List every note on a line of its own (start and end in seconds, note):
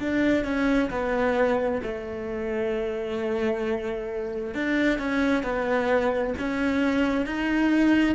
0.00 0.45 D4
0.45 0.90 C#4
0.90 1.81 B3
1.82 4.55 A3
4.55 4.99 D4
4.99 5.43 C#4
5.43 6.34 B3
6.38 7.26 C#4
7.26 8.15 D#4